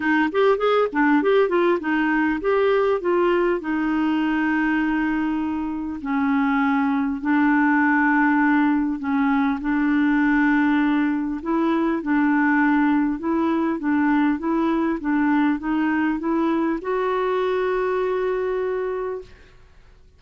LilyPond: \new Staff \with { instrumentName = "clarinet" } { \time 4/4 \tempo 4 = 100 dis'8 g'8 gis'8 d'8 g'8 f'8 dis'4 | g'4 f'4 dis'2~ | dis'2 cis'2 | d'2. cis'4 |
d'2. e'4 | d'2 e'4 d'4 | e'4 d'4 dis'4 e'4 | fis'1 | }